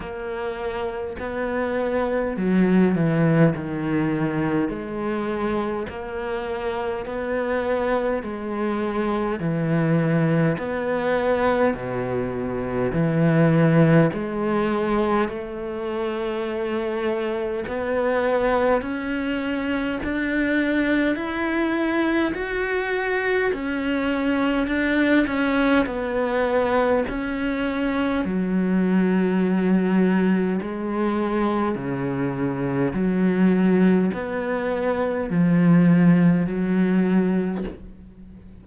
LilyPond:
\new Staff \with { instrumentName = "cello" } { \time 4/4 \tempo 4 = 51 ais4 b4 fis8 e8 dis4 | gis4 ais4 b4 gis4 | e4 b4 b,4 e4 | gis4 a2 b4 |
cis'4 d'4 e'4 fis'4 | cis'4 d'8 cis'8 b4 cis'4 | fis2 gis4 cis4 | fis4 b4 f4 fis4 | }